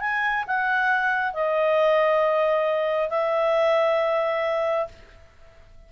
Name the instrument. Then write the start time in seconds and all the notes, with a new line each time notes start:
clarinet
0.00 G#5
0.47 F#5
1.34 D#5
3.10 E5